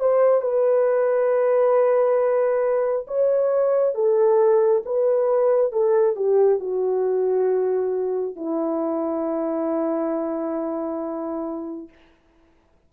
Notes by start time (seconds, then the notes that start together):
0.00 C5
0.42 B4
3.08 C#5
3.95 A4
4.85 B4
5.73 A4
6.16 G4
6.60 F#4
8.36 E4